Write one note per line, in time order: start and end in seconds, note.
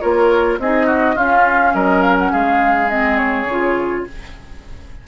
0.00 0.58 A#3
0.00 0.59 F4
0.00 0.59 A#4
0.00 0.58 C#5
0.58 1.16 C4
0.58 1.16 D#4
0.58 0.86 G#4
0.58 1.17 D#5
0.86 1.15 F#4
1.15 2.89 C#4
1.15 1.74 C#4
1.15 1.73 F4
1.15 1.74 F5
1.74 2.32 F#3
1.74 2.31 A#4
1.74 2.01 D#5
2.01 2.16 F5
2.18 2.32 F#5
2.31 3.45 G#3
2.31 4.05 G#4
2.31 2.89 F5
2.89 3.47 C4
2.89 3.17 D#5
3.17 4.03 C#5
3.45 4.02 C#3
3.45 4.07 F4